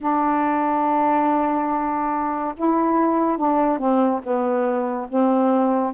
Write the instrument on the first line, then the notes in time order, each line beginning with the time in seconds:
saxophone
0.00 D4
2.57 E4
3.37 D4
3.78 C4
4.23 B3
5.08 C4